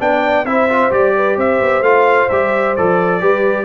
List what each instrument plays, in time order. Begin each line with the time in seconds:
0.00 tuba B3, trombone D4, horn D5, trumpet G5
0.45 tuba C4, trombone E4, horn C5, trumpet E5
0.70 trombone F4
0.91 tuba G3, trombone G4, trumpet D5
1.16 horn B4
1.37 tuba C4, horn C5, trumpet E5
1.60 tuba B3
1.81 tuba A3, trombone F4, trumpet F5
2.30 tuba G3, trombone G4, trumpet E5
2.76 tuba F3, trombone A4, trumpet D5
3.21 tuba G3, trombone G4, horn B4